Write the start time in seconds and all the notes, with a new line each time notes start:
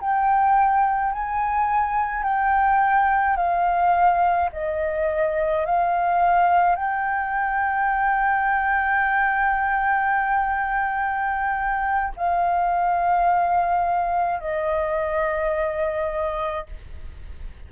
0.00 G5
1.12 G#5
2.23 G5
3.36 F5
4.52 D#5
5.65 F5
6.75 G5
12.16 F5
14.40 D#5